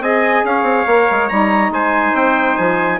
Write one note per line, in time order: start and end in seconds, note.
0.00 0.43 C4
0.00 0.86 G#4
0.00 0.45 D#5
0.00 0.45 G#5
0.44 0.63 C#4
0.44 1.73 C#5
0.44 1.28 F5
0.63 0.84 C4
0.86 1.07 A#3
0.86 1.30 A#4
1.10 1.31 G#3
1.28 1.70 G3
1.28 2.99 D#4
1.28 1.71 A#5
1.70 2.12 G#3
1.70 2.99 C5
1.70 2.15 G#5
2.14 2.56 C4
2.14 2.57 G5
2.57 2.99 F3
2.57 2.99 G#5